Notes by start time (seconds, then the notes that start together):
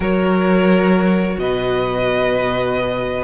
0.00 F#3 F#4 A#4 C#5
1.38 B2 B4 D#5